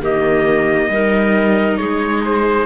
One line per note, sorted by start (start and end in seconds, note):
0.00 0.88 D#3
0.00 0.91 A#3
0.00 0.89 G4
0.00 1.77 D#5
0.89 1.77 G3
0.89 2.66 D#4
0.89 1.79 A#4
1.77 2.66 G#3
1.77 2.66 G#4
1.77 2.21 C#5
2.25 2.66 C5